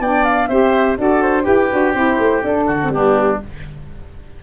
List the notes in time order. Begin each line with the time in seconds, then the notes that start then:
0.00 B3 D4 D5 G5
0.24 F5
0.47 C4 G4 C5 E5
0.97 D4 F#4 A4 D5
1.22 C5
1.43 E4 G4 B4
1.70 D4 F#4
1.94 C4 E4 C5
2.19 A3
2.42 D4 A4
2.67 D3 F#4
2.82 C4
2.90 G3 B3 D4 G4